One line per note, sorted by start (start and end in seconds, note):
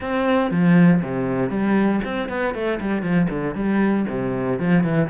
0.00 0.50 C4
0.50 1.01 F3
1.01 1.49 C3
1.49 2.00 G3
2.04 2.29 C4
2.29 2.54 B3
2.54 2.79 A3
2.80 3.02 G3
3.02 3.27 F3
3.29 3.55 D3
3.55 4.05 G3
4.09 4.59 C3
4.59 4.83 F3
4.83 5.09 E3